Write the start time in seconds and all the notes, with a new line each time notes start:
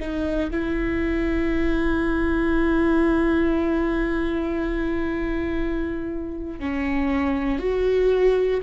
0.00 D#4
0.51 E4
6.60 C#4
7.59 F#4